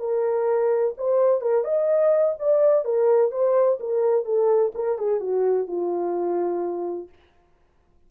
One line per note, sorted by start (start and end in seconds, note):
0.00 0.94 A#4
0.98 1.42 C5
1.42 1.65 A#4
1.65 2.36 D#5
2.40 2.85 D5
2.85 3.32 A#4
3.32 3.79 C5
3.80 4.26 A#4
4.26 4.73 A4
4.75 4.99 A#4
4.99 5.21 G#4
5.21 5.68 F#4
5.68 7.10 F4